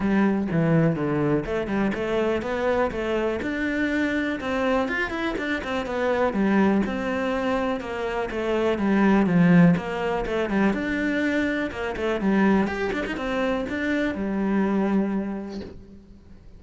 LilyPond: \new Staff \with { instrumentName = "cello" } { \time 4/4 \tempo 4 = 123 g4 e4 d4 a8 g8 | a4 b4 a4 d'4~ | d'4 c'4 f'8 e'8 d'8 c'8 | b4 g4 c'2 |
ais4 a4 g4 f4 | ais4 a8 g8 d'2 | ais8 a8 g4 g'8 d'16 dis'16 c'4 | d'4 g2. | }